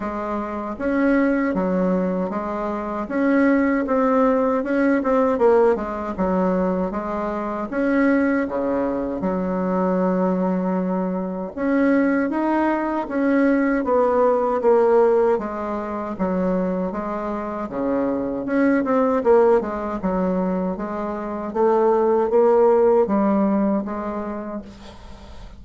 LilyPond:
\new Staff \with { instrumentName = "bassoon" } { \time 4/4 \tempo 4 = 78 gis4 cis'4 fis4 gis4 | cis'4 c'4 cis'8 c'8 ais8 gis8 | fis4 gis4 cis'4 cis4 | fis2. cis'4 |
dis'4 cis'4 b4 ais4 | gis4 fis4 gis4 cis4 | cis'8 c'8 ais8 gis8 fis4 gis4 | a4 ais4 g4 gis4 | }